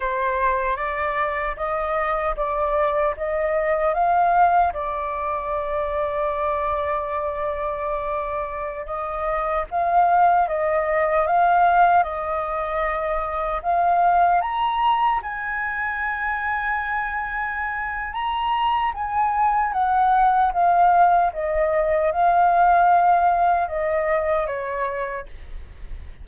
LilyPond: \new Staff \with { instrumentName = "flute" } { \time 4/4 \tempo 4 = 76 c''4 d''4 dis''4 d''4 | dis''4 f''4 d''2~ | d''2.~ d''16 dis''8.~ | dis''16 f''4 dis''4 f''4 dis''8.~ |
dis''4~ dis''16 f''4 ais''4 gis''8.~ | gis''2. ais''4 | gis''4 fis''4 f''4 dis''4 | f''2 dis''4 cis''4 | }